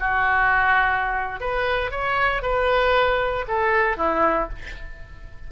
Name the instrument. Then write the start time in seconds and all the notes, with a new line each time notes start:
oboe
0.00 F#4
1.41 B4
1.92 C#5
2.42 B4
3.48 A4
3.98 E4